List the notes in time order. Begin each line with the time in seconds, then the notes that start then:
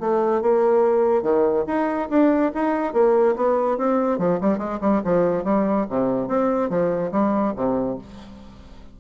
0.00 A3
0.42 A#3
1.23 D#3
1.67 D#4
2.10 D4
2.54 D#4
2.94 A#3
3.36 B3
3.78 C4
4.19 F3
4.41 G3
4.58 G#3
4.81 G3
5.04 F3
5.44 G3
5.90 C3
6.28 C4
6.70 F3
7.12 G3
7.56 C3